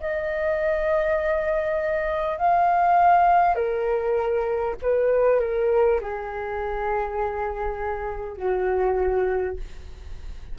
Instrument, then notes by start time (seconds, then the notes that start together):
flute
0.00 D#5
2.37 F5
3.55 A#4
4.82 B4
5.40 A#4
6.01 G#4
8.37 F#4